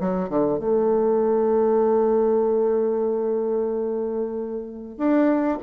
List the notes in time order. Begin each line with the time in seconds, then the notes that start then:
0.00 F#3
0.29 D3
0.59 A3
4.98 D4